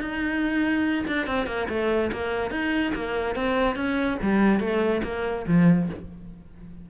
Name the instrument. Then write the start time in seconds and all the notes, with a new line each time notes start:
cello
0.00 D#4
1.07 D4
1.26 C4
1.46 A#3
1.69 A3
2.12 A#3
2.50 D#4
2.95 A#3
3.35 C4
3.76 C#4
4.22 G3
4.60 A3
5.03 A#3
5.47 F3